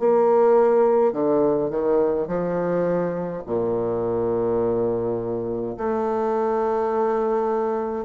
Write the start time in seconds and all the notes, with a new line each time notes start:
0.00 A#3
1.13 D3
1.70 D#3
2.28 F3
3.47 A#2
5.78 A3